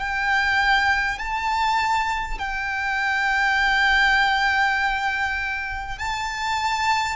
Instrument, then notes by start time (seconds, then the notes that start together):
violin
0.00 G5
1.19 A5
2.38 G5
5.99 A5